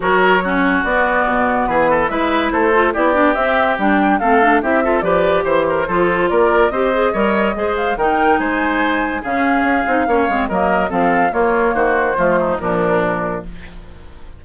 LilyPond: <<
  \new Staff \with { instrumentName = "flute" } { \time 4/4 \tempo 4 = 143 cis''2 d''2 | b'4 e''4 c''4 d''4 | e''4 g''4 f''4 e''4 | d''4 c''2 d''4 |
dis''2~ dis''8 f''8 g''4 | gis''2 f''2~ | f''4 dis''4 f''4 cis''4 | c''2 ais'2 | }
  \new Staff \with { instrumentName = "oboe" } { \time 4/4 ais'4 fis'2. | gis'8 a'8 b'4 a'4 g'4~ | g'2 a'4 g'8 a'8 | b'4 c''8 ais'8 a'4 ais'4 |
c''4 cis''4 c''4 ais'4 | c''2 gis'2 | cis''4 ais'4 a'4 f'4 | fis'4 f'8 dis'8 d'2 | }
  \new Staff \with { instrumentName = "clarinet" } { \time 4/4 fis'4 cis'4 b2~ | b4 e'4. f'8 e'8 d'8 | c'4 d'4 c'8 d'8 e'8 f'8 | g'2 f'2 |
g'8 gis'8 ais'4 gis'4 dis'4~ | dis'2 cis'4. dis'8 | cis'8 c'8 ais4 c'4 ais4~ | ais4 a4 f2 | }
  \new Staff \with { instrumentName = "bassoon" } { \time 4/4 fis2 b4 b,4 | e4 gis4 a4 b4 | c'4 g4 a4 c'4 | f4 e4 f4 ais4 |
c'4 g4 gis4 dis4 | gis2 cis4 cis'8 c'8 | ais8 gis8 fis4 f4 ais4 | dis4 f4 ais,2 | }
>>